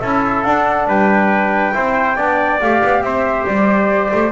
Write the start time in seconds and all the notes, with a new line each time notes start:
0.00 C#4 E4 A4 E5
0.43 D4 F#5
0.87 G3 B4 G5
1.73 C4 E4 C5
2.16 B3 D4 D5
2.60 A3 G4 F5
2.84 B3
3.01 C4 C5 E5
3.46 G3 D5
4.13 A3